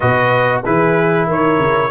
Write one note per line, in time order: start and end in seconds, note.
0.00 0.65 B2
0.00 0.64 F#4
0.00 0.62 B4
0.00 0.61 D#5
0.64 1.28 E3
0.64 1.90 E4
0.64 1.26 G#4
0.64 1.28 B4
1.26 1.58 D#3
1.26 1.90 A#4
1.26 1.90 C#5
1.58 1.90 C#3